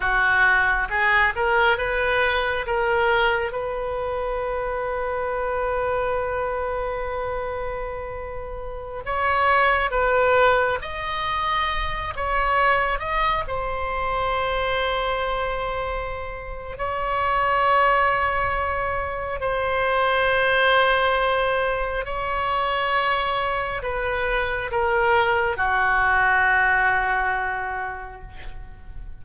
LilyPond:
\new Staff \with { instrumentName = "oboe" } { \time 4/4 \tempo 4 = 68 fis'4 gis'8 ais'8 b'4 ais'4 | b'1~ | b'2~ b'16 cis''4 b'8.~ | b'16 dis''4. cis''4 dis''8 c''8.~ |
c''2. cis''4~ | cis''2 c''2~ | c''4 cis''2 b'4 | ais'4 fis'2. | }